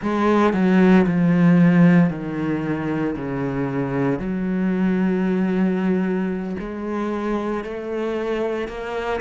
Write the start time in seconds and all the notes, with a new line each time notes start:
0.01 G#3
0.53 F#3
1.06 F3
2.10 D#3
3.15 C#3
4.19 F#3
6.59 G#3
7.64 A3
8.67 A#3